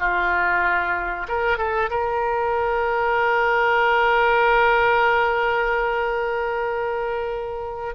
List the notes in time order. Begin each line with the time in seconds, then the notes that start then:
0.00 F4
1.29 A#4
1.58 A4
1.91 A#4